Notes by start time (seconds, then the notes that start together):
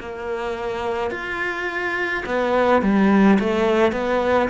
0.00 A#3
1.11 F4
2.26 B3
2.82 G3
3.40 A3
3.92 B3